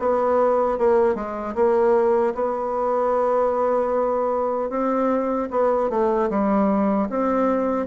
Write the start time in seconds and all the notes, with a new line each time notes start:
0.00 B3
0.79 A#3
1.15 G#3
1.55 A#3
2.35 B3
4.70 C4
5.51 B3
5.90 A3
6.30 G3
7.10 C4